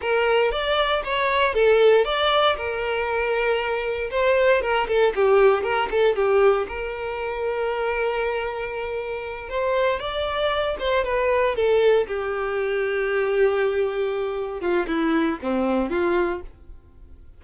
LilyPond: \new Staff \with { instrumentName = "violin" } { \time 4/4 \tempo 4 = 117 ais'4 d''4 cis''4 a'4 | d''4 ais'2. | c''4 ais'8 a'8 g'4 ais'8 a'8 | g'4 ais'2.~ |
ais'2~ ais'8 c''4 d''8~ | d''4 c''8 b'4 a'4 g'8~ | g'1~ | g'8 f'8 e'4 c'4 f'4 | }